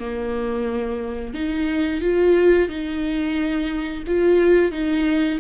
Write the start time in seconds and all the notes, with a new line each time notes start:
0.00 A#3
1.34 D#4
2.02 F4
2.69 D#4
4.07 F4
4.72 D#4